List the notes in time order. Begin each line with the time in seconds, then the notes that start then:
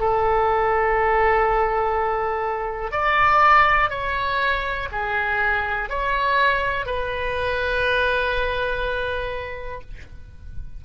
0.00 A4
2.92 D5
3.90 C#5
4.92 G#4
5.90 C#5
6.86 B4